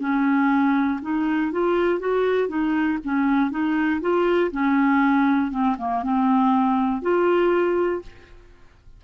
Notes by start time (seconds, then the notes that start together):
0.00 C#4
1.02 D#4
1.52 F4
2.00 F#4
2.49 D#4
3.05 C#4
3.51 D#4
4.02 F4
4.52 C#4
5.51 C4
5.79 A#3
6.04 C4
7.02 F4